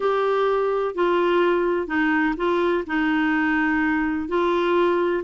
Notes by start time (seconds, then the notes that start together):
0.00 G4
0.94 F4
1.87 D#4
2.36 F4
2.86 D#4
4.28 F4